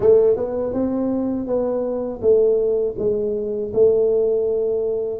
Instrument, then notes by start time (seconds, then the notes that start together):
tuba
0.00 A3
0.36 B3
0.73 C4
1.46 B3
2.21 A3
2.98 G#3
3.73 A3